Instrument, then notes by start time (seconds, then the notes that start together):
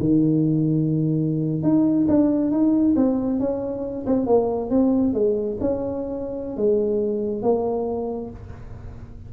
tuba
0.00 D#3
1.63 D#4
2.08 D4
2.51 D#4
2.96 C4
3.40 C#4
4.07 C4
4.27 A#3
4.70 C4
5.14 G#3
5.61 C#4
6.57 G#3
7.43 A#3